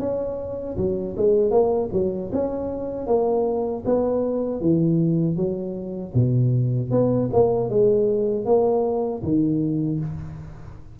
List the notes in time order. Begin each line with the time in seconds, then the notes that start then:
0.00 C#4
0.77 F#3
1.17 G#3
1.51 A#3
1.92 F#3
2.33 C#4
3.07 A#3
3.85 B3
4.61 E3
5.36 F#3
6.14 B2
6.91 B3
7.33 A#3
7.70 G#3
8.45 A#3
9.23 D#3